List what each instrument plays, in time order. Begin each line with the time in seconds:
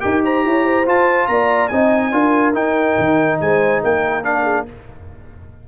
0.00 tuba D#4, trombone G4, horn A#4, trumpet G5
0.24 horn C5, trumpet A#5
0.45 tuba E4, horn C#5
0.65 horn C5
0.85 trombone F4, tuba F4, trumpet A5
1.27 tuba A#3, horn D5, trumpet A#5
1.68 tuba C4, trombone D#4, horn D#5, trumpet G#5
2.12 tuba D4, trombone F4, horn A#4
2.54 trombone D#4, tuba D#4, trumpet G5
2.98 tuba D#3
3.40 tuba G#3, horn C5, trumpet G#5
3.83 tuba A#3, horn A#4, trumpet G5
4.24 trombone D4, trumpet F5
4.43 horn G#4